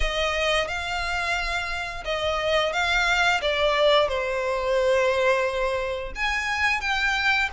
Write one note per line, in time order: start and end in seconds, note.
0.00 0.67 D#5
0.67 2.04 F5
2.05 2.72 D#5
2.72 3.41 F5
3.41 4.08 D5
4.08 6.12 C5
6.15 6.81 G#5
6.81 7.49 G5